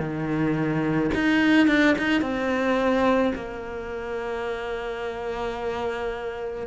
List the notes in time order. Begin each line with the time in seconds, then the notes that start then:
0.00 D#3
1.15 D#4
1.68 D4
1.98 D#4
2.22 C4
3.36 A#3